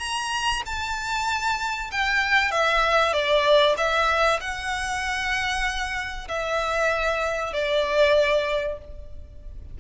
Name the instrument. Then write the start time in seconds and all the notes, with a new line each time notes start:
violin
0.00 A#5
0.66 A5
1.92 G5
2.52 E5
3.14 D5
3.78 E5
4.41 F#5
6.29 E5
7.53 D5